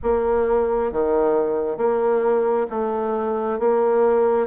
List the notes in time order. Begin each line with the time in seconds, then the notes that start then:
0.02 A#3
0.92 D#3
1.77 A#3
2.70 A3
3.59 A#3